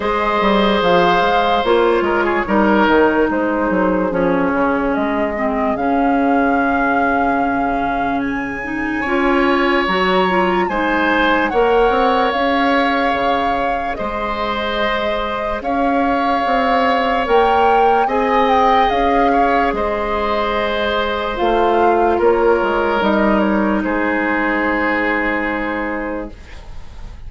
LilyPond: <<
  \new Staff \with { instrumentName = "flute" } { \time 4/4 \tempo 4 = 73 dis''4 f''4 cis''2 | c''4 cis''4 dis''4 f''4~ | f''2 gis''2 | ais''4 gis''4 fis''4 f''4~ |
f''4 dis''2 f''4~ | f''4 g''4 gis''8 g''8 f''4 | dis''2 f''4 cis''4 | dis''8 cis''8 c''2. | }
  \new Staff \with { instrumentName = "oboe" } { \time 4/4 c''2~ c''8 ais'16 gis'16 ais'4 | gis'1~ | gis'2. cis''4~ | cis''4 c''4 cis''2~ |
cis''4 c''2 cis''4~ | cis''2 dis''4. cis''8 | c''2. ais'4~ | ais'4 gis'2. | }
  \new Staff \with { instrumentName = "clarinet" } { \time 4/4 gis'2 f'4 dis'4~ | dis'4 cis'4. c'8 cis'4~ | cis'2~ cis'8 dis'8 f'4 | fis'8 f'8 dis'4 ais'4 gis'4~ |
gis'1~ | gis'4 ais'4 gis'2~ | gis'2 f'2 | dis'1 | }
  \new Staff \with { instrumentName = "bassoon" } { \time 4/4 gis8 g8 f8 gis8 ais8 gis8 g8 dis8 | gis8 fis8 f8 cis8 gis4 cis4~ | cis2. cis'4 | fis4 gis4 ais8 c'8 cis'4 |
cis4 gis2 cis'4 | c'4 ais4 c'4 cis'4 | gis2 a4 ais8 gis8 | g4 gis2. | }
>>